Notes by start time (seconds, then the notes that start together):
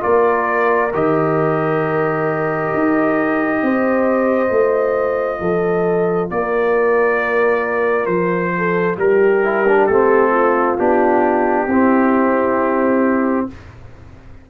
0.00 A#3 F4 A#4 D5
0.93 D#3 G4 D#5
2.74 D#4
3.62 C4 C5
4.48 A3 F4
5.40 F3 A4
6.30 A#3 A#4 D5
8.06 F3 C5
8.57 A4
8.98 G3 G4 A#4
9.44 E4
9.68 D4
9.87 A3 C4 A4
10.31 F4
10.78 B3 D4 G4
11.67 C4 E4